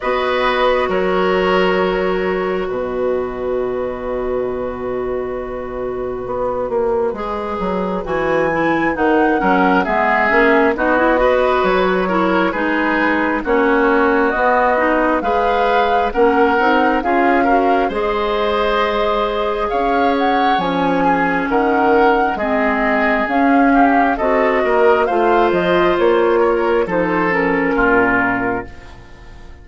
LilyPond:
<<
  \new Staff \with { instrumentName = "flute" } { \time 4/4 \tempo 4 = 67 dis''4 cis''2 dis''4~ | dis''1~ | dis''4 gis''4 fis''4 e''4 | dis''4 cis''4 b'4 cis''4 |
dis''4 f''4 fis''4 f''4 | dis''2 f''8 fis''8 gis''4 | fis''4 dis''4 f''4 dis''4 | f''8 dis''8 cis''4 c''8 ais'4. | }
  \new Staff \with { instrumentName = "oboe" } { \time 4/4 b'4 ais'2 b'4~ | b'1~ | b'2~ b'8 ais'8 gis'4 | fis'8 b'4 ais'8 gis'4 fis'4~ |
fis'4 b'4 ais'4 gis'8 ais'8 | c''2 cis''4. gis'8 | ais'4 gis'4. g'8 a'8 ais'8 | c''4. ais'8 a'4 f'4 | }
  \new Staff \with { instrumentName = "clarinet" } { \time 4/4 fis'1~ | fis'1 | gis'4 fis'8 e'8 dis'8 cis'8 b8 cis'8 | dis'16 e'16 fis'4 e'8 dis'4 cis'4 |
b8 dis'8 gis'4 cis'8 dis'8 f'8 fis'8 | gis'2. cis'4~ | cis'4 c'4 cis'4 fis'4 | f'2 dis'8 cis'4. | }
  \new Staff \with { instrumentName = "bassoon" } { \time 4/4 b4 fis2 b,4~ | b,2. b8 ais8 | gis8 fis8 e4 dis8 fis8 gis8 ais8 | b4 fis4 gis4 ais4 |
b4 gis4 ais8 c'8 cis'4 | gis2 cis'4 f4 | dis4 gis4 cis'4 c'8 ais8 | a8 f8 ais4 f4 ais,4 | }
>>